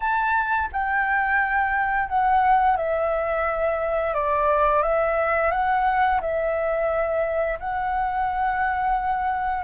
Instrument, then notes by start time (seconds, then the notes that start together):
flute
0.00 A5
0.72 G5
2.08 F#5
2.76 E5
4.13 D5
4.82 E5
5.51 F#5
6.21 E5
7.59 F#5